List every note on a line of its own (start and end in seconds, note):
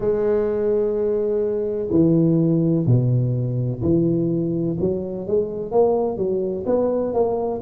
0.00 1.89 G#3
1.90 2.86 E3
2.86 3.81 B2
3.82 4.77 E3
4.79 5.27 F#3
5.27 5.71 G#3
5.71 6.17 A#3
6.17 6.65 F#3
6.65 7.13 B3
7.13 7.61 A#3